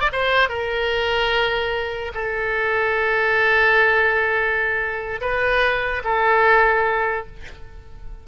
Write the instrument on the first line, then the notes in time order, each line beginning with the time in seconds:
oboe
0.00 D5
0.12 C5
0.49 A#4
2.14 A4
5.21 B4
6.04 A4